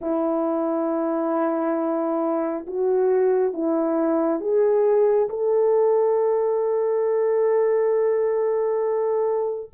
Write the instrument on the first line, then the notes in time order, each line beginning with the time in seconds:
horn
0.01 E4
2.67 F#4
3.53 E4
4.40 G#4
5.29 A4